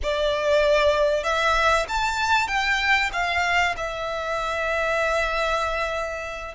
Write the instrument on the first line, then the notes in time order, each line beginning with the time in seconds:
violin
0.02 D5
1.23 E5
1.88 A5
2.47 G5
3.12 F5
3.76 E5